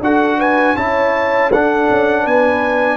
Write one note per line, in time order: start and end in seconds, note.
0.00 0.75 D4
0.00 0.76 F#4
0.00 0.38 A4
0.00 0.40 F#5
0.38 0.75 B4
0.38 0.76 G#5
0.75 1.52 C#4
0.75 1.51 E4
0.75 1.50 C#5
0.75 1.51 A5
1.50 1.89 D4
1.50 2.97 D4
1.50 2.22 A4
1.50 2.27 F#5
1.90 2.25 C#4
2.22 2.97 B3
2.22 2.97 B4
2.22 2.97 G#5